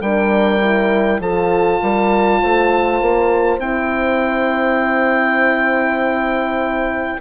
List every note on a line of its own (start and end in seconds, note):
0.00 1.19 G3
0.00 0.60 D4
0.00 1.21 A#4
0.00 1.21 G5
0.60 1.20 E4
1.19 1.79 F3
1.19 3.59 F4
1.19 1.81 A4
1.19 3.60 A5
1.81 2.42 G3
1.81 2.40 A#4
2.40 3.00 A3
2.40 7.20 C5
3.00 3.58 A#3
3.58 7.18 C4
3.58 7.19 E4
3.58 7.20 G5